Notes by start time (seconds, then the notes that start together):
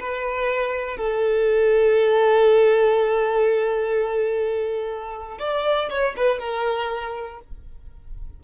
0.00 B4
0.98 A4
5.39 D5
5.90 C#5
6.17 B4
6.39 A#4